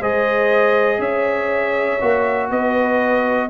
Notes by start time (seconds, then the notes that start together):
0.00 G#3 G#4 C5 D#5
0.99 C#4 C#5 E5
2.01 A#3 F#4
2.50 B3 B4 D#5